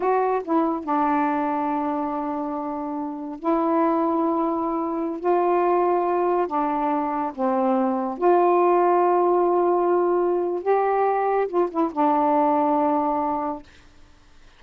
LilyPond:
\new Staff \with { instrumentName = "saxophone" } { \time 4/4 \tempo 4 = 141 fis'4 e'4 d'2~ | d'1 | e'1~ | e'16 f'2. d'8.~ |
d'4~ d'16 c'2 f'8.~ | f'1~ | f'4 g'2 f'8 e'8 | d'1 | }